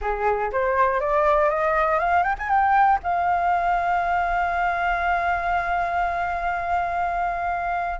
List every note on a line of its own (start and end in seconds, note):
0.01 0.51 G#4
0.52 1.00 C5
1.00 1.49 D5
1.49 1.99 D#5
1.99 2.23 F5
2.23 2.35 G5
2.38 2.49 G#5
2.49 2.99 G5
3.03 8.00 F5